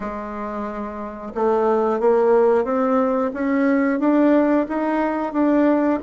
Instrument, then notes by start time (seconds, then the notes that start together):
bassoon
0.00 G#3
1.34 A3
2.00 A#3
2.64 C4
3.33 C#4
3.99 D4
4.68 D#4
5.32 D4